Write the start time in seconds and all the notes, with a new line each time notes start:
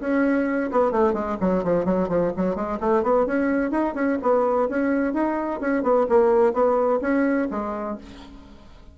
0.00 C#4
0.71 B3
0.91 A3
1.13 G#3
1.41 F#3
1.64 F3
1.85 F#3
2.08 F3
2.37 F#3
2.55 G#3
2.80 A3
3.03 B3
3.26 C#4
3.71 D#4
3.95 C#4
4.22 B3
4.69 C#4
5.13 D#4
5.61 C#4
5.83 B3
6.09 A#3
6.53 B3
7.02 C#4
7.51 G#3